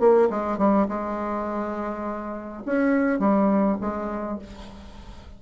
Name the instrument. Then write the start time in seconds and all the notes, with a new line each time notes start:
bassoon
0.00 A#3
0.30 G#3
0.58 G3
0.89 G#3
2.66 C#4
3.20 G3
3.81 G#3